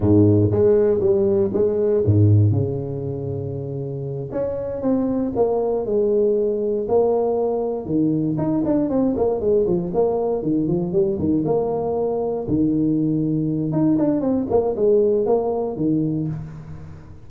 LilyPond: \new Staff \with { instrumentName = "tuba" } { \time 4/4 \tempo 4 = 118 gis,4 gis4 g4 gis4 | gis,4 cis2.~ | cis8 cis'4 c'4 ais4 gis8~ | gis4. ais2 dis8~ |
dis8 dis'8 d'8 c'8 ais8 gis8 f8 ais8~ | ais8 dis8 f8 g8 dis8 ais4.~ | ais8 dis2~ dis8 dis'8 d'8 | c'8 ais8 gis4 ais4 dis4 | }